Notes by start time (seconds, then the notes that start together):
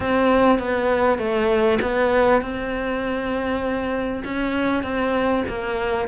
0.00 C4
0.58 B3
1.18 A3
1.81 B3
2.41 C4
4.24 C#4
4.83 C4
5.48 A#3